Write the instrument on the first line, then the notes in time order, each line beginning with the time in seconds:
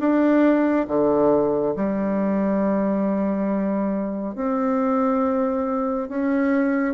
bassoon
0.00 D4
0.88 D3
1.77 G3
4.36 C4
6.09 C#4